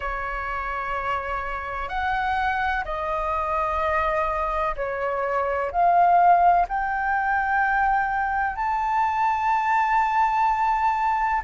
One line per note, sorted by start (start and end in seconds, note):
0.00 1.88 C#5
1.88 2.84 F#5
2.84 4.75 D#5
4.76 5.71 C#5
5.71 6.66 F5
6.68 8.56 G5
8.56 11.42 A5